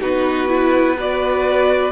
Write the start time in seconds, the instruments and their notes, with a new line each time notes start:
0.00 cello B3, viola D#4, violin F#4 B4
0.48 viola E4
0.96 viola F#4, violin B4 D5